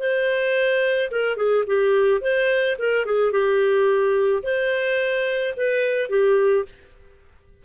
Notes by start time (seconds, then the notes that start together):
0.00 C5
1.11 A#4
1.37 G#4
1.67 G4
2.22 C5
2.79 A#4
3.06 G#4
3.32 G4
4.44 C5
5.57 B4
6.10 G4